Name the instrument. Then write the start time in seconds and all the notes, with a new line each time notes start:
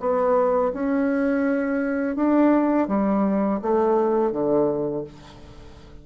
bassoon
0.00 B3
0.73 C#4
2.16 D4
2.88 G3
3.62 A3
4.32 D3